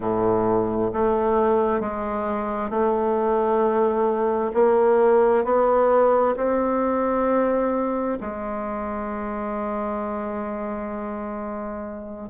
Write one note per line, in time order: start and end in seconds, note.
0.00 0.91 A2
0.93 1.80 A3
1.80 2.69 G#3
2.69 4.51 A3
4.53 5.44 A#3
5.44 6.35 B3
6.36 8.18 C4
8.20 12.29 G#3